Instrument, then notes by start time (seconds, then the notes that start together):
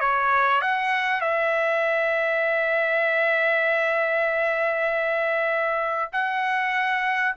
trumpet
0.00 C#5
0.62 F#5
1.21 E5
6.13 F#5